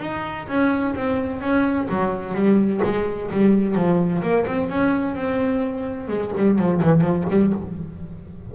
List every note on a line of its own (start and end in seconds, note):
0.00 0.47 D#4
0.48 0.95 C#4
0.95 1.41 C4
1.41 1.88 C#4
1.89 2.34 F#3
2.34 2.81 G3
2.84 3.31 G#3
3.31 3.75 G3
3.75 4.22 F3
4.22 4.46 A#3
4.47 4.69 C4
4.69 5.15 C#4
5.15 6.09 C4
6.09 6.32 G#3
6.37 6.59 G3
6.59 6.82 F3
6.83 7.01 E3
7.01 7.24 F3
7.30 7.53 G3